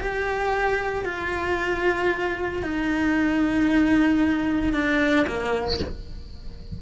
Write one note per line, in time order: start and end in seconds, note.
0.00 1.05 G4
1.05 2.63 F4
2.63 4.73 D#4
4.73 5.26 D4
5.27 5.80 A#3